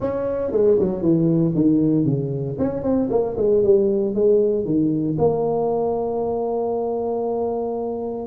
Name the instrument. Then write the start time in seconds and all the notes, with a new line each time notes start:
tuba
0.00 C#4
0.51 G#3
0.79 F#3
1.02 E3
1.54 D#3
2.05 C#3
2.58 C#4
2.83 C4
3.10 A#3
3.37 G#3
3.63 G3
4.14 G#3
4.65 D#3
5.18 A#3